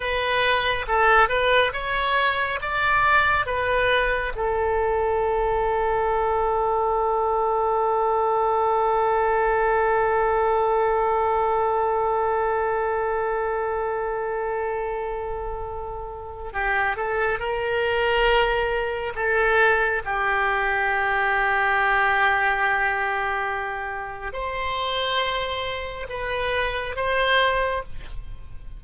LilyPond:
\new Staff \with { instrumentName = "oboe" } { \time 4/4 \tempo 4 = 69 b'4 a'8 b'8 cis''4 d''4 | b'4 a'2.~ | a'1~ | a'1~ |
a'2. g'8 a'8 | ais'2 a'4 g'4~ | g'1 | c''2 b'4 c''4 | }